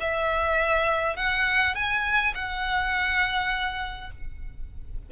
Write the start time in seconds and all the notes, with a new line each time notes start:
0.00 E5
1.16 F#5
1.75 G#5
2.34 F#5